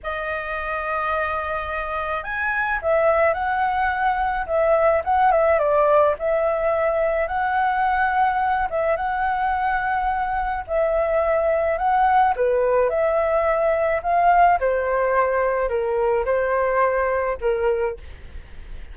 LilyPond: \new Staff \with { instrumentName = "flute" } { \time 4/4 \tempo 4 = 107 dis''1 | gis''4 e''4 fis''2 | e''4 fis''8 e''8 d''4 e''4~ | e''4 fis''2~ fis''8 e''8 |
fis''2. e''4~ | e''4 fis''4 b'4 e''4~ | e''4 f''4 c''2 | ais'4 c''2 ais'4 | }